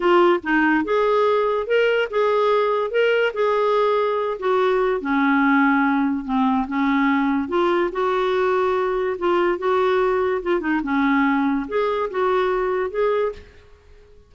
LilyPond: \new Staff \with { instrumentName = "clarinet" } { \time 4/4 \tempo 4 = 144 f'4 dis'4 gis'2 | ais'4 gis'2 ais'4 | gis'2~ gis'8 fis'4. | cis'2. c'4 |
cis'2 f'4 fis'4~ | fis'2 f'4 fis'4~ | fis'4 f'8 dis'8 cis'2 | gis'4 fis'2 gis'4 | }